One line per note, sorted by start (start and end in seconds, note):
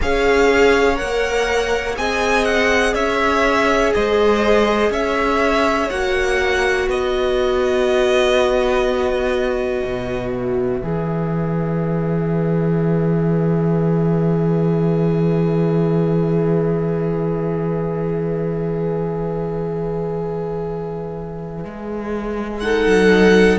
0.01 1.00 C#4
0.01 0.95 G#4
0.01 1.99 C#5
0.01 0.97 F5
0.95 1.98 A#3
0.95 1.94 A#4
0.95 1.95 F#5
1.96 2.94 C4
1.96 5.89 G#4
1.96 2.94 D#5
1.96 2.44 G#5
2.44 2.94 F#5
2.94 3.93 C#4
2.94 3.92 C#5
2.94 3.92 E5
3.93 4.90 G#3
3.93 4.91 C5
3.93 4.92 D#5
4.90 5.89 C#4
4.90 6.86 C#5
4.90 5.90 E5
5.90 6.87 A#3
5.90 10.82 F#4
5.90 6.88 F#5
6.86 9.82 B3
6.86 22.60 B4
6.86 10.31 D#5
9.83 10.82 B2
10.31 22.59 E5
10.83 21.64 E3
10.83 22.62 G#4
21.64 22.86 G#3
22.59 23.59 D#4
22.59 23.59 A4
22.59 23.58 F#5
22.86 23.59 F#3